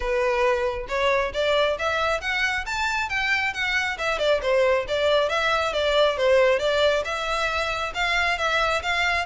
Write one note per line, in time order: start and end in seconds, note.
0.00 0.86 B4
0.88 1.32 C#5
1.33 1.77 D5
1.78 2.21 E5
2.21 2.65 F#5
2.66 3.09 A5
3.09 3.53 G5
3.53 3.97 F#5
3.97 4.19 E5
4.19 4.41 D5
4.41 4.85 C5
4.87 5.29 D5
5.29 5.73 E5
5.73 6.17 D5
6.17 6.59 C5
6.59 7.03 D5
7.04 7.93 E5
7.94 8.37 F5
8.37 8.82 E5
8.82 9.26 F5